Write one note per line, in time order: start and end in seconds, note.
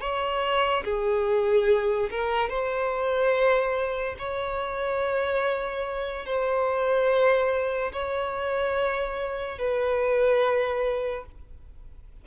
0.00 0.83 C#5
0.84 2.09 G#4
2.10 2.49 A#4
2.49 4.16 C5
4.18 6.25 C#5
6.25 7.92 C5
7.92 9.58 C#5
9.58 11.25 B4